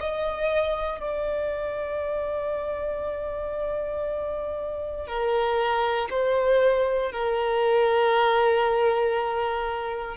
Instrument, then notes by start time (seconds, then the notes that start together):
violin
0.00 D#5
1.00 D5
5.07 A#4
6.10 C5
7.11 A#4